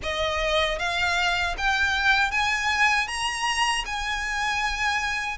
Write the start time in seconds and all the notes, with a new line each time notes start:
0.02 D#5
0.78 F5
1.57 G5
2.31 G#5
3.07 A#5
3.85 G#5